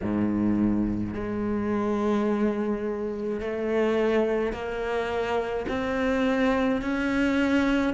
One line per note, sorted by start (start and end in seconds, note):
0.02 1.14 G#2
1.14 3.40 G#3
3.40 4.52 A3
4.52 5.66 A#3
5.68 6.81 C4
6.81 7.93 C#4